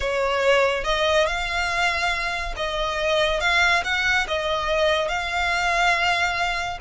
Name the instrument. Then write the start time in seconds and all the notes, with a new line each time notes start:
violin
0.00 C#5
0.84 D#5
1.26 F5
2.56 D#5
3.40 F5
3.84 F#5
4.27 D#5
5.08 F5